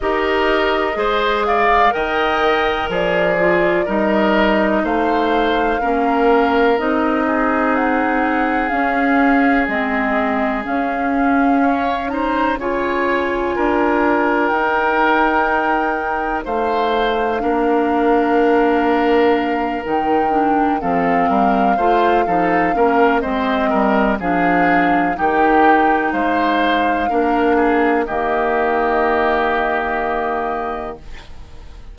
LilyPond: <<
  \new Staff \with { instrumentName = "flute" } { \time 4/4 \tempo 4 = 62 dis''4. f''8 g''4 d''4 | dis''4 f''2 dis''4 | fis''4 f''4 dis''4 f''4~ | f''8 ais''8 gis''2 g''4~ |
g''4 f''2.~ | f''8 g''4 f''2~ f''8 | dis''4 f''4 g''4 f''4~ | f''4 dis''2. | }
  \new Staff \with { instrumentName = "oboe" } { \time 4/4 ais'4 c''8 d''8 dis''4 gis'4 | ais'4 c''4 ais'4. gis'8~ | gis'1 | cis''8 c''8 cis''4 ais'2~ |
ais'4 c''4 ais'2~ | ais'4. a'8 ais'8 c''8 a'8 ais'8 | c''8 ais'8 gis'4 g'4 c''4 | ais'8 gis'8 g'2. | }
  \new Staff \with { instrumentName = "clarinet" } { \time 4/4 g'4 gis'4 ais'4. f'8 | dis'2 cis'4 dis'4~ | dis'4 cis'4 c'4 cis'4~ | cis'8 dis'8 f'2 dis'4~ |
dis'2 d'2~ | d'8 dis'8 d'8 c'4 f'8 dis'8 cis'8 | c'4 d'4 dis'2 | d'4 ais2. | }
  \new Staff \with { instrumentName = "bassoon" } { \time 4/4 dis'4 gis4 dis4 f4 | g4 a4 ais4 c'4~ | c'4 cis'4 gis4 cis'4~ | cis'4 cis4 d'4 dis'4~ |
dis'4 a4 ais2~ | ais8 dis4 f8 g8 a8 f8 ais8 | gis8 g8 f4 dis4 gis4 | ais4 dis2. | }
>>